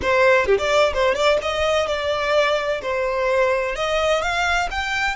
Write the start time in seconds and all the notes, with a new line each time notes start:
0.01 C5
0.45 G4
0.58 D5
0.93 C5
1.14 D5
1.42 D#5
1.87 D5
2.82 C5
3.75 D#5
4.21 F5
4.70 G5